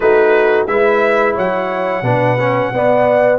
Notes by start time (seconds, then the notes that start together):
0.00 A3 D#4 F#4 B4
0.66 G#3 E4 B4 E5
1.34 F#3 C#5 F#5
2.02 B2 D4 B4
2.39 C#4
2.72 B3 D5